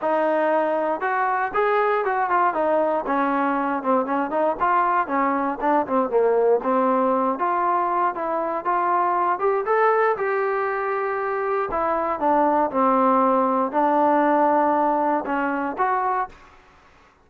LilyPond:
\new Staff \with { instrumentName = "trombone" } { \time 4/4 \tempo 4 = 118 dis'2 fis'4 gis'4 | fis'8 f'8 dis'4 cis'4. c'8 | cis'8 dis'8 f'4 cis'4 d'8 c'8 | ais4 c'4. f'4. |
e'4 f'4. g'8 a'4 | g'2. e'4 | d'4 c'2 d'4~ | d'2 cis'4 fis'4 | }